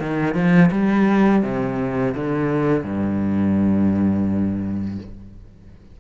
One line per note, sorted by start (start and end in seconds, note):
0.00 0.34 D#3
0.34 0.70 F3
0.71 1.43 G3
1.43 2.15 C3
2.15 2.84 D3
2.84 4.98 G2